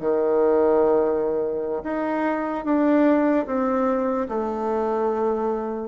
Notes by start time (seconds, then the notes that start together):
0.00 D#3
1.84 D#4
2.65 D4
3.46 C4
4.29 A3